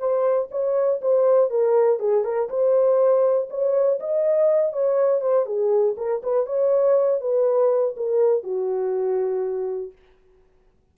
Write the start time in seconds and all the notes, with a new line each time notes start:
0.00 C5
0.51 C#5
1.02 C5
1.51 A#4
2.00 G#4
2.25 A#4
2.50 C5
3.50 C#5
4.00 D#5
4.73 C#5
5.22 C5
5.46 G#4
5.98 A#4
6.23 B4
6.47 C#5
7.21 B4
7.97 A#4
8.44 F#4